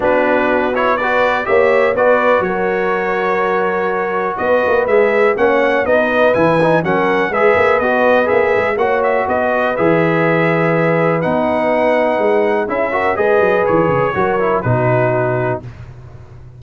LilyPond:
<<
  \new Staff \with { instrumentName = "trumpet" } { \time 4/4 \tempo 4 = 123 b'4. cis''8 d''4 e''4 | d''4 cis''2.~ | cis''4 dis''4 e''4 fis''4 | dis''4 gis''4 fis''4 e''4 |
dis''4 e''4 fis''8 e''8 dis''4 | e''2. fis''4~ | fis''2 e''4 dis''4 | cis''2 b'2 | }
  \new Staff \with { instrumentName = "horn" } { \time 4/4 fis'2 b'4 cis''4 | b'4 ais'2.~ | ais'4 b'2 cis''4 | b'2 ais'4 b'4~ |
b'2 cis''4 b'4~ | b'1~ | b'2 gis'8 ais'8 b'4~ | b'4 ais'4 fis'2 | }
  \new Staff \with { instrumentName = "trombone" } { \time 4/4 d'4. e'8 fis'4 g'4 | fis'1~ | fis'2 gis'4 cis'4 | dis'4 e'8 dis'8 cis'4 gis'4 |
fis'4 gis'4 fis'2 | gis'2. dis'4~ | dis'2 e'8 fis'8 gis'4~ | gis'4 fis'8 e'8 dis'2 | }
  \new Staff \with { instrumentName = "tuba" } { \time 4/4 b2. ais4 | b4 fis2.~ | fis4 b8 ais8 gis4 ais4 | b4 e4 fis4 gis8 ais8 |
b4 ais8 gis8 ais4 b4 | e2. b4~ | b4 gis4 cis'4 gis8 fis8 | e8 cis8 fis4 b,2 | }
>>